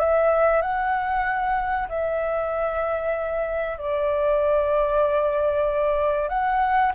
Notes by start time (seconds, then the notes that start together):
0.00 E5
0.62 F#5
1.89 E5
3.78 D5
6.29 F#5